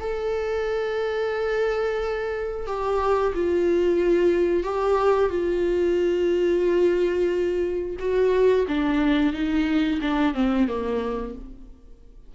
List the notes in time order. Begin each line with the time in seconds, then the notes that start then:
0.00 A4
2.66 G4
3.35 F4
4.63 G4
5.30 F4
7.99 F#4
8.68 D4
9.33 D#4
10.01 D4
10.35 C4
10.68 A#3